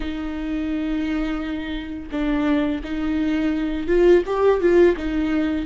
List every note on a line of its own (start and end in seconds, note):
0.00 2.09 D#4
2.11 2.82 D4
2.83 3.87 D#4
3.87 4.23 F4
4.25 4.60 G4
4.60 4.96 F4
4.96 5.66 D#4